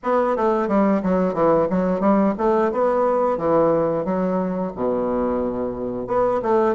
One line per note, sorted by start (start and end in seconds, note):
0.03 0.36 B3
0.36 0.67 A3
0.67 1.01 G3
1.02 1.33 F#3
1.33 1.67 E3
1.70 2.00 F#3
2.00 2.34 G3
2.38 2.72 A3
2.72 3.37 B3
3.37 4.04 E3
4.04 4.72 F#3
4.75 6.07 B2
6.07 6.40 B3
6.42 6.75 A3